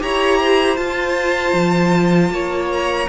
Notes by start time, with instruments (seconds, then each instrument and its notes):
0.00 cello E4, viola G4, violin C#5 A#5
0.40 violin C5
0.76 viola F4, cello F4, violin A5
1.53 cello F3
2.30 cello A#3, violin C#5
2.72 violin A#5